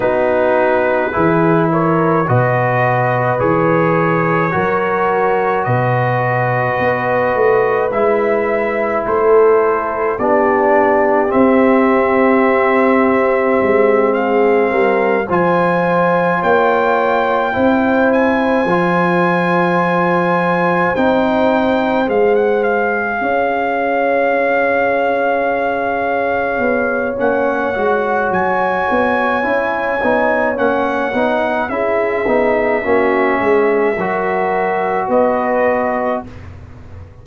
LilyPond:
<<
  \new Staff \with { instrumentName = "trumpet" } { \time 4/4 \tempo 4 = 53 b'4. cis''8 dis''4 cis''4~ | cis''4 dis''2 e''4 | c''4 d''4 e''2~ | e''8 f''4 gis''4 g''4. |
gis''2~ gis''8 g''4 f''16 fis''16 | f''1 | fis''4 gis''2 fis''4 | e''2. dis''4 | }
  \new Staff \with { instrumentName = "horn" } { \time 4/4 fis'4 gis'8 ais'8 b'2 | ais'4 b'2. | a'4 g'2.~ | g'8 gis'8 ais'8 c''4 cis''4 c''8~ |
c''1~ | c''8 cis''2.~ cis''8~ | cis''1 | gis'4 fis'8 gis'8 ais'4 b'4 | }
  \new Staff \with { instrumentName = "trombone" } { \time 4/4 dis'4 e'4 fis'4 gis'4 | fis'2. e'4~ | e'4 d'4 c'2~ | c'4. f'2 e'8~ |
e'8 f'2 dis'4 gis'8~ | gis'1 | cis'8 fis'4. e'8 dis'8 cis'8 dis'8 | e'8 dis'8 cis'4 fis'2 | }
  \new Staff \with { instrumentName = "tuba" } { \time 4/4 b4 e4 b,4 e4 | fis4 b,4 b8 a8 gis4 | a4 b4 c'2 | gis4 g8 f4 ais4 c'8~ |
c'8 f2 c'4 gis8~ | gis8 cis'2. b8 | ais8 gis8 fis8 b8 cis'8 b8 ais8 b8 | cis'8 b8 ais8 gis8 fis4 b4 | }
>>